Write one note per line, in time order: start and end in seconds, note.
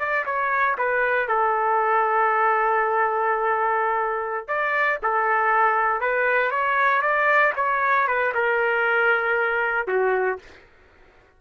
0.00 0.26 D5
0.26 0.77 C#5
0.78 1.29 B4
1.29 4.48 A4
4.48 5.00 D5
5.03 6.01 A4
6.01 6.52 B4
6.52 7.02 C#5
7.02 7.54 D5
7.56 8.08 C#5
8.08 8.34 B4
8.34 9.88 A#4
9.88 10.39 F#4